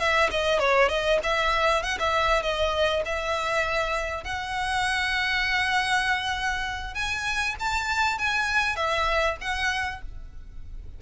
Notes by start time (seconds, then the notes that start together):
0.00 E5
0.31 D#5
0.60 C#5
0.89 D#5
1.24 E5
1.83 F#5
1.99 E5
2.43 D#5
3.06 E5
4.25 F#5
6.95 G#5
7.60 A5
8.19 G#5
8.77 E5
9.41 F#5